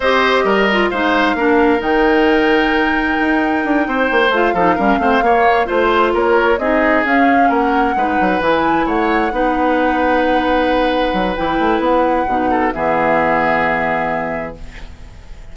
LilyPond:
<<
  \new Staff \with { instrumentName = "flute" } { \time 4/4 \tempo 4 = 132 dis''2 f''2 | g''1~ | g''4. f''2~ f''8~ | f''8 c''4 cis''4 dis''4 f''8~ |
f''8 fis''2 gis''4 fis''8~ | fis''1~ | fis''4 g''4 fis''2 | e''1 | }
  \new Staff \with { instrumentName = "oboe" } { \time 4/4 c''4 ais'4 c''4 ais'4~ | ais'1~ | ais'8 c''4. a'8 ais'8 c''8 cis''8~ | cis''8 c''4 ais'4 gis'4.~ |
gis'8 ais'4 b'2 cis''8~ | cis''8 b'2.~ b'8~ | b'2.~ b'8 a'8 | gis'1 | }
  \new Staff \with { instrumentName = "clarinet" } { \time 4/4 g'4. f'8 dis'4 d'4 | dis'1~ | dis'4. f'8 dis'8 cis'8 c'8 ais8~ | ais8 f'2 dis'4 cis'8~ |
cis'4. dis'4 e'4.~ | e'8 dis'2.~ dis'8~ | dis'4 e'2 dis'4 | b1 | }
  \new Staff \with { instrumentName = "bassoon" } { \time 4/4 c'4 g4 gis4 ais4 | dis2. dis'4 | d'8 c'8 ais8 a8 f8 g8 a8 ais8~ | ais8 a4 ais4 c'4 cis'8~ |
cis'8 ais4 gis8 fis8 e4 a8~ | a8 b2.~ b8~ | b8 fis8 e8 a8 b4 b,4 | e1 | }
>>